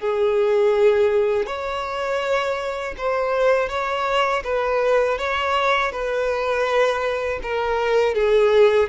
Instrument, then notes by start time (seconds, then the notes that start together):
violin
0.00 G#4
1.46 C#5
2.98 C5
3.69 C#5
4.44 B4
5.19 C#5
5.92 B4
7.43 A#4
8.15 G#4